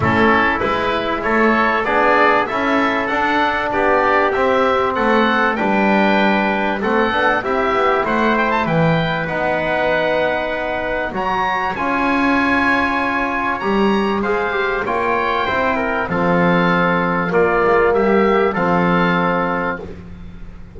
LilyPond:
<<
  \new Staff \with { instrumentName = "oboe" } { \time 4/4 \tempo 4 = 97 a'4 b'4 cis''4 d''4 | e''4 fis''4 d''4 e''4 | fis''4 g''2 fis''4 | e''4 fis''8 g''16 a''16 g''4 fis''4~ |
fis''2 ais''4 gis''4~ | gis''2 ais''4 f''4 | g''2 f''2 | d''4 e''4 f''2 | }
  \new Staff \with { instrumentName = "trumpet" } { \time 4/4 e'2 a'4 gis'4 | a'2 g'2 | a'4 b'2 a'4 | g'4 c''4 b'2~ |
b'2 cis''2~ | cis''2. c''4 | cis''4 c''8 ais'8 a'2 | f'4 g'4 a'2 | }
  \new Staff \with { instrumentName = "trombone" } { \time 4/4 cis'4 e'2 d'4 | e'4 d'2 c'4~ | c'4 d'2 c'8 d'8 | e'2. dis'4~ |
dis'2 fis'4 f'4~ | f'2 g'4 gis'8 g'8 | f'4 e'4 c'2 | ais2 c'2 | }
  \new Staff \with { instrumentName = "double bass" } { \time 4/4 a4 gis4 a4 b4 | cis'4 d'4 b4 c'4 | a4 g2 a8 b8 | c'8 b8 a4 e4 b4~ |
b2 fis4 cis'4~ | cis'2 g4 gis4 | ais4 c'4 f2 | ais8 gis8 g4 f2 | }
>>